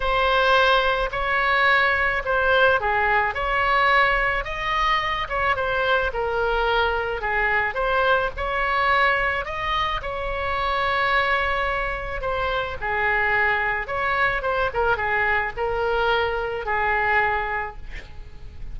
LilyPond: \new Staff \with { instrumentName = "oboe" } { \time 4/4 \tempo 4 = 108 c''2 cis''2 | c''4 gis'4 cis''2 | dis''4. cis''8 c''4 ais'4~ | ais'4 gis'4 c''4 cis''4~ |
cis''4 dis''4 cis''2~ | cis''2 c''4 gis'4~ | gis'4 cis''4 c''8 ais'8 gis'4 | ais'2 gis'2 | }